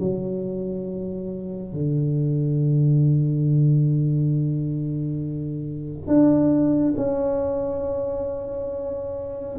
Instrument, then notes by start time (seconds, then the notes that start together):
tuba
0.00 F#3
1.74 D3
6.08 D4
6.97 C#4